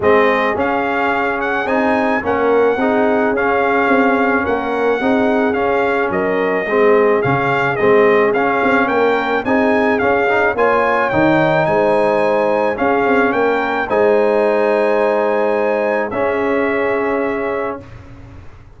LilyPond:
<<
  \new Staff \with { instrumentName = "trumpet" } { \time 4/4 \tempo 4 = 108 dis''4 f''4. fis''8 gis''4 | fis''2 f''2 | fis''2 f''4 dis''4~ | dis''4 f''4 dis''4 f''4 |
g''4 gis''4 f''4 gis''4 | g''4 gis''2 f''4 | g''4 gis''2.~ | gis''4 e''2. | }
  \new Staff \with { instrumentName = "horn" } { \time 4/4 gis'1 | ais'4 gis'2. | ais'4 gis'2 ais'4 | gis'1 |
ais'4 gis'2 cis''4~ | cis''4 c''2 gis'4 | ais'4 c''2.~ | c''4 gis'2. | }
  \new Staff \with { instrumentName = "trombone" } { \time 4/4 c'4 cis'2 dis'4 | cis'4 dis'4 cis'2~ | cis'4 dis'4 cis'2 | c'4 cis'4 c'4 cis'4~ |
cis'4 dis'4 cis'8 dis'8 f'4 | dis'2. cis'4~ | cis'4 dis'2.~ | dis'4 cis'2. | }
  \new Staff \with { instrumentName = "tuba" } { \time 4/4 gis4 cis'2 c'4 | ais4 c'4 cis'4 c'4 | ais4 c'4 cis'4 fis4 | gis4 cis4 gis4 cis'8 c'8 |
ais4 c'4 cis'4 ais4 | dis4 gis2 cis'8 c'8 | ais4 gis2.~ | gis4 cis'2. | }
>>